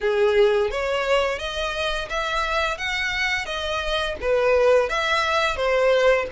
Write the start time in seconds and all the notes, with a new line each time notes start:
0.00 G#4
0.70 C#5
1.38 D#5
2.09 E5
2.77 F#5
3.45 D#5
4.21 B4
4.89 E5
5.56 C5